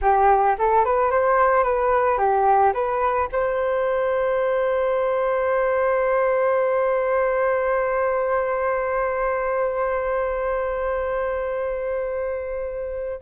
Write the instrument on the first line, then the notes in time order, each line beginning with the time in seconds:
flute
0.01 G4
0.58 A4
0.84 B4
1.10 C5
1.63 B4
2.17 G4
2.73 B4
3.32 C5